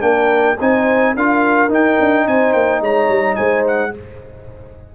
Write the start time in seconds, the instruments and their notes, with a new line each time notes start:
0.00 tuba A#3, trombone D4, horn A#4, trumpet G5
0.59 tuba C4, trombone D#4, horn C5, trumpet G#5
1.16 tuba D4, trombone F4, horn A#4, trumpet F5
1.69 trombone D#4, tuba D#4, trumpet G5
2.00 tuba D4
2.26 tuba C4, horn C5, trumpet G#5
2.52 tuba A#3, trumpet G5
2.81 tuba G#3, horn C#5, trumpet A#5
3.08 tuba G3
3.35 tuba G#3, horn C5, trumpet G#5
3.67 trumpet F#5